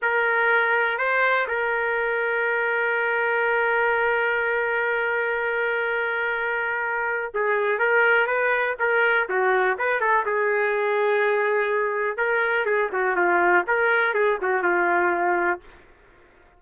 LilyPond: \new Staff \with { instrumentName = "trumpet" } { \time 4/4 \tempo 4 = 123 ais'2 c''4 ais'4~ | ais'1~ | ais'1~ | ais'2. gis'4 |
ais'4 b'4 ais'4 fis'4 | b'8 a'8 gis'2.~ | gis'4 ais'4 gis'8 fis'8 f'4 | ais'4 gis'8 fis'8 f'2 | }